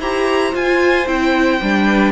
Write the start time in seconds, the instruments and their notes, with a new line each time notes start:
0.00 cello E4, viola G4, violin C5 A#5
0.52 viola F4, cello F4, violin G#5
1.07 cello C4, viola E4, violin G5
1.62 cello G3, viola D4
1.87 violin B4